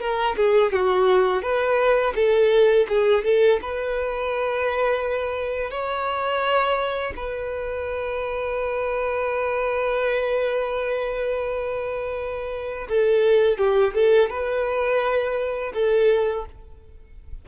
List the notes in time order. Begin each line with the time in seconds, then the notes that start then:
0.00 A#4
0.36 G#4
0.72 F#4
1.42 B4
2.15 A4
2.88 G#4
3.24 A4
3.61 B4
5.70 C#5
7.16 B4
12.88 A4
13.57 G4
13.94 A4
14.30 B4
15.74 A4